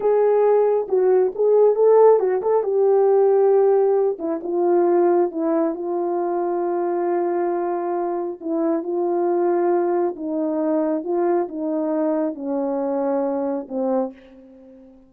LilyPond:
\new Staff \with { instrumentName = "horn" } { \time 4/4 \tempo 4 = 136 gis'2 fis'4 gis'4 | a'4 fis'8 a'8 g'2~ | g'4. e'8 f'2 | e'4 f'2.~ |
f'2. e'4 | f'2. dis'4~ | dis'4 f'4 dis'2 | cis'2. c'4 | }